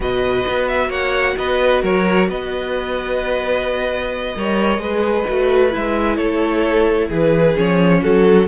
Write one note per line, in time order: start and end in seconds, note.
0.00 0.45 B2
0.00 4.33 F#4
0.00 0.88 B4
0.00 0.68 D#5
0.47 0.89 B3
0.68 0.91 E5
0.88 1.34 A#3
0.88 1.34 C#5
0.88 1.37 F#5
1.37 1.83 B3
1.37 1.82 B4
1.37 1.83 D#5
1.82 2.28 F#3
1.82 2.27 A#4
1.82 2.29 C#5
2.28 4.35 B3
2.28 4.36 B4
2.28 5.73 D#5
4.35 4.78 G3
4.35 4.80 A#4
4.35 4.81 C#5
4.78 5.23 G#3
4.78 5.26 G#4
4.78 6.16 B4
5.28 5.75 A3
5.28 5.71 F#4
5.71 6.18 G#3
5.71 7.54 E4
5.71 6.16 E5
6.16 7.09 A3
6.16 7.07 A4
6.16 7.08 C#5
7.08 7.55 E3
7.08 8.00 G#4
7.08 7.57 B4
7.55 8.03 F3
7.55 8.46 C#4
7.55 8.02 C#5
8.02 8.47 F#3
8.02 8.47 F#4
8.02 8.47 A4